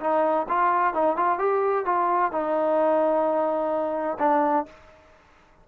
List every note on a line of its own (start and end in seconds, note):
0.00 0.47 D#4
0.48 0.94 F4
0.94 1.16 D#4
1.16 1.38 F4
1.38 1.85 G4
1.85 2.32 F4
2.32 4.18 D#4
4.19 4.66 D4